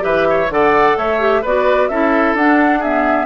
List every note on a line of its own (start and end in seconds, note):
0.00 0.50 E3
0.00 0.47 G4
0.00 0.27 B4
0.00 0.51 E5
0.30 0.53 C#5
0.50 0.96 D3
0.50 1.19 A4
0.50 0.98 D5
0.50 0.98 F#5
0.97 1.44 A3
0.97 1.42 C#5
0.97 1.45 E5
1.19 1.43 G4
1.42 1.90 B3
1.42 1.91 F#4
1.42 1.89 B4
1.42 1.89 D5
1.89 2.34 C#4
1.89 2.38 E4
1.89 2.80 A4
1.89 2.35 E5
2.34 3.26 D4
2.34 2.85 D4
2.34 2.83 F#5
2.80 3.26 B3
2.80 3.26 G#4
2.80 3.26 E5